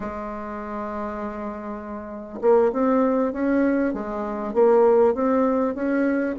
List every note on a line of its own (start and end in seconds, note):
0.00 2.39 G#3
2.41 2.71 A#3
2.72 3.33 C4
3.33 3.93 C#4
3.93 4.53 G#3
4.53 5.14 A#3
5.14 5.74 C4
5.74 6.35 C#4